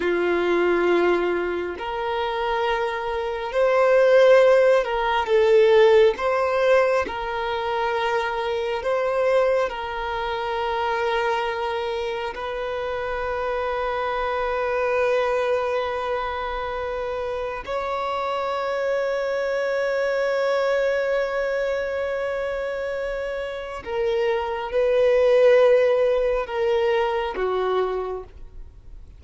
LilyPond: \new Staff \with { instrumentName = "violin" } { \time 4/4 \tempo 4 = 68 f'2 ais'2 | c''4. ais'8 a'4 c''4 | ais'2 c''4 ais'4~ | ais'2 b'2~ |
b'1 | cis''1~ | cis''2. ais'4 | b'2 ais'4 fis'4 | }